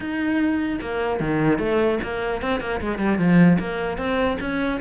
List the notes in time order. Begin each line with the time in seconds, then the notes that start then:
0.00 D#4
0.81 A#3
1.19 D#3
1.59 A3
2.03 A#3
2.41 C4
2.60 A#3
2.80 G#3
2.98 G3
3.18 F3
3.59 A#3
3.97 C4
4.40 C#4